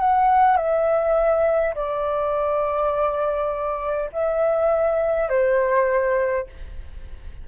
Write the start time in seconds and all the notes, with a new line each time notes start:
0.00 F#5
0.57 E5
1.75 D5
4.13 E5
5.29 C5